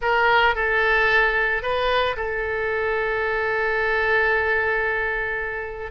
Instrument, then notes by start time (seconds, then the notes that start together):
oboe
0.01 A#4
0.55 A4
1.62 B4
2.16 A4